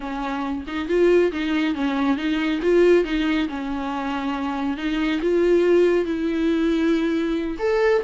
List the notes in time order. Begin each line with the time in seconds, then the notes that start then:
0.00 C#4
0.67 D#4
0.88 F4
1.32 D#4
1.75 C#4
2.16 D#4
2.62 F4
3.04 D#4
3.48 C#4
4.77 D#4
5.21 F4
6.05 E4
7.58 A4